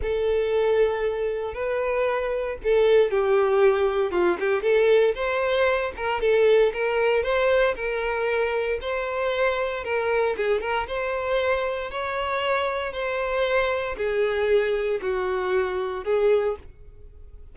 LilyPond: \new Staff \with { instrumentName = "violin" } { \time 4/4 \tempo 4 = 116 a'2. b'4~ | b'4 a'4 g'2 | f'8 g'8 a'4 c''4. ais'8 | a'4 ais'4 c''4 ais'4~ |
ais'4 c''2 ais'4 | gis'8 ais'8 c''2 cis''4~ | cis''4 c''2 gis'4~ | gis'4 fis'2 gis'4 | }